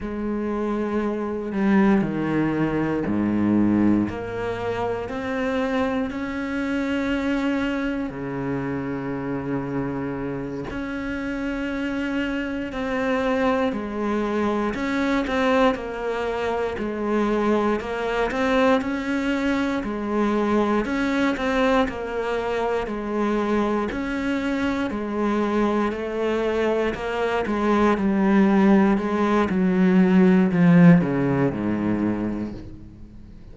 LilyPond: \new Staff \with { instrumentName = "cello" } { \time 4/4 \tempo 4 = 59 gis4. g8 dis4 gis,4 | ais4 c'4 cis'2 | cis2~ cis8 cis'4.~ | cis'8 c'4 gis4 cis'8 c'8 ais8~ |
ais8 gis4 ais8 c'8 cis'4 gis8~ | gis8 cis'8 c'8 ais4 gis4 cis'8~ | cis'8 gis4 a4 ais8 gis8 g8~ | g8 gis8 fis4 f8 cis8 gis,4 | }